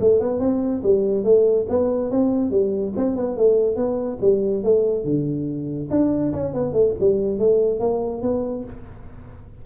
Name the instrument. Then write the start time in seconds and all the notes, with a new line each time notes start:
tuba
0.00 A3
0.20 B3
0.40 C4
0.84 G3
1.24 A3
1.69 B3
2.11 C4
2.51 G3
2.97 C4
3.16 B3
3.37 A3
3.76 B3
4.22 G3
4.64 A3
5.05 D3
5.90 D4
6.33 C#4
6.54 B3
6.73 A3
7.00 G3
7.39 A3
7.80 A#3
8.22 B3